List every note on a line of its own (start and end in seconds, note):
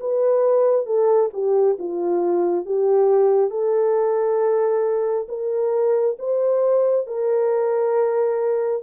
0.00 0.86 B4
0.86 1.30 A4
1.34 1.78 G4
1.79 2.66 F4
2.66 3.51 G4
3.51 5.27 A4
5.29 6.17 A#4
6.19 7.07 C5
7.07 8.83 A#4